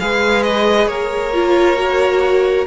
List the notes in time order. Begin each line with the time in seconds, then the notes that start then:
0.00 G#3 G#4 B4 F5
0.43 D#5
0.87 A#3 A#4 C#5
1.34 F4
1.76 F#4